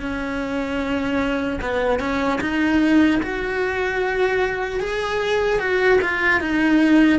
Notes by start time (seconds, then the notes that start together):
0.00 C#4
1.61 B3
2.00 C#4
2.41 D#4
3.23 F#4
4.80 G#4
5.60 F#4
6.02 F4
6.41 D#4